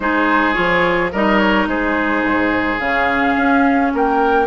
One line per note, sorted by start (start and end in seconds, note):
0.00 0.55 G#3
0.00 0.54 D#4
0.00 1.12 G#4
0.00 0.53 C5
0.53 1.13 F3
0.53 1.10 F4
0.53 1.09 C#5
1.12 1.66 G3
1.12 2.79 D#4
1.12 1.68 A#4
1.12 1.39 D#5
1.39 1.67 C#5
1.66 2.23 G#3
1.66 3.93 G#4
1.66 2.79 C5
2.23 2.79 G#2
2.79 3.35 C#3
2.79 4.46 C#4
2.79 3.91 F5
3.36 3.92 C#4
3.93 4.46 A#3
3.93 4.46 A#4
3.93 4.46 G5